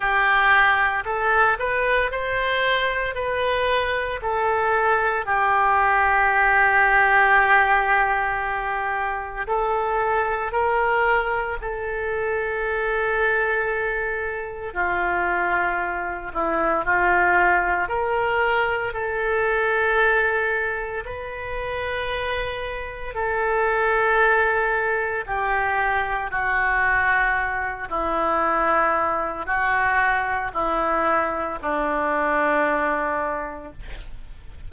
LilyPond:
\new Staff \with { instrumentName = "oboe" } { \time 4/4 \tempo 4 = 57 g'4 a'8 b'8 c''4 b'4 | a'4 g'2.~ | g'4 a'4 ais'4 a'4~ | a'2 f'4. e'8 |
f'4 ais'4 a'2 | b'2 a'2 | g'4 fis'4. e'4. | fis'4 e'4 d'2 | }